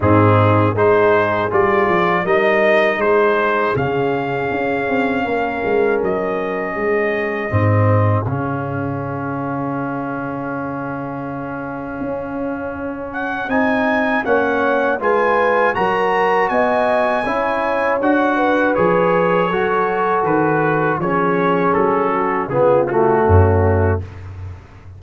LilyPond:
<<
  \new Staff \with { instrumentName = "trumpet" } { \time 4/4 \tempo 4 = 80 gis'4 c''4 d''4 dis''4 | c''4 f''2. | dis''2. f''4~ | f''1~ |
f''4. fis''8 gis''4 fis''4 | gis''4 ais''4 gis''2 | fis''4 cis''2 b'4 | cis''4 a'4 gis'8 fis'4. | }
  \new Staff \with { instrumentName = "horn" } { \time 4/4 dis'4 gis'2 ais'4 | gis'2. ais'4~ | ais'4 gis'2.~ | gis'1~ |
gis'2. cis''4 | b'4 ais'4 dis''4 cis''4~ | cis''8 b'4. a'2 | gis'4. fis'8 f'4 cis'4 | }
  \new Staff \with { instrumentName = "trombone" } { \time 4/4 c'4 dis'4 f'4 dis'4~ | dis'4 cis'2.~ | cis'2 c'4 cis'4~ | cis'1~ |
cis'2 dis'4 cis'4 | f'4 fis'2 e'4 | fis'4 gis'4 fis'2 | cis'2 b8 a4. | }
  \new Staff \with { instrumentName = "tuba" } { \time 4/4 gis,4 gis4 g8 f8 g4 | gis4 cis4 cis'8 c'8 ais8 gis8 | fis4 gis4 gis,4 cis4~ | cis1 |
cis'2 c'4 ais4 | gis4 fis4 b4 cis'4 | d'4 f4 fis4 dis4 | f4 fis4 cis4 fis,4 | }
>>